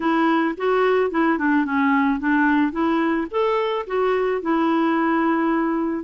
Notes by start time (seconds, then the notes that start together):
0.00 E4
0.57 F#4
1.10 E4
1.38 D4
1.65 C#4
2.19 D4
2.72 E4
3.30 A4
3.87 F#4
4.41 E4